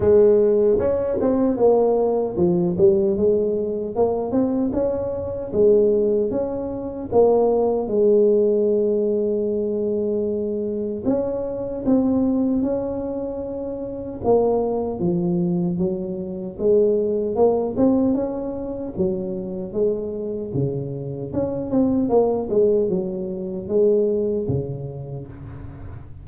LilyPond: \new Staff \with { instrumentName = "tuba" } { \time 4/4 \tempo 4 = 76 gis4 cis'8 c'8 ais4 f8 g8 | gis4 ais8 c'8 cis'4 gis4 | cis'4 ais4 gis2~ | gis2 cis'4 c'4 |
cis'2 ais4 f4 | fis4 gis4 ais8 c'8 cis'4 | fis4 gis4 cis4 cis'8 c'8 | ais8 gis8 fis4 gis4 cis4 | }